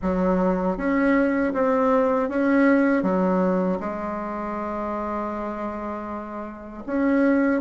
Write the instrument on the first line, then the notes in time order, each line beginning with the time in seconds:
bassoon
0.01 F#3
0.77 C#4
1.53 C4
2.29 C#4
3.02 F#3
3.80 G#3
6.86 C#4